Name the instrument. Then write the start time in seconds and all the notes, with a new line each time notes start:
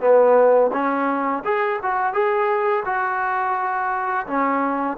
trombone
0.00 B3
0.72 C#4
1.44 G#4
1.82 F#4
2.13 G#4
2.85 F#4
4.26 C#4